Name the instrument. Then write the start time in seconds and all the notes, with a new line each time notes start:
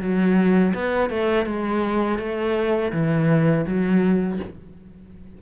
cello
0.00 F#3
0.74 B3
1.10 A3
1.46 G#3
2.19 A3
2.92 E3
3.66 F#3